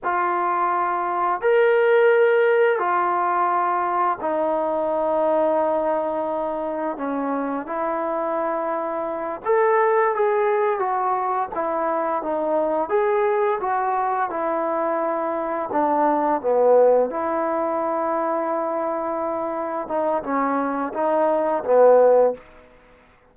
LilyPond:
\new Staff \with { instrumentName = "trombone" } { \time 4/4 \tempo 4 = 86 f'2 ais'2 | f'2 dis'2~ | dis'2 cis'4 e'4~ | e'4. a'4 gis'4 fis'8~ |
fis'8 e'4 dis'4 gis'4 fis'8~ | fis'8 e'2 d'4 b8~ | b8 e'2.~ e'8~ | e'8 dis'8 cis'4 dis'4 b4 | }